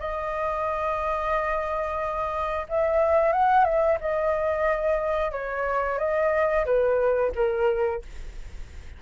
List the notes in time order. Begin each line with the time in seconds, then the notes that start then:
0.00 D#5
2.69 E5
3.33 F#5
3.65 E5
4.01 D#5
5.32 C#5
5.99 D#5
6.66 B4
7.35 A#4